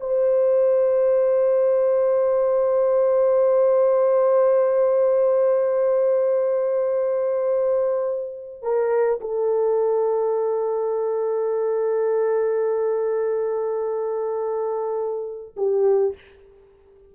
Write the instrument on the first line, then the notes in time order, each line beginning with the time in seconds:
horn
0.00 C5
8.62 A#4
9.20 A4
15.57 G4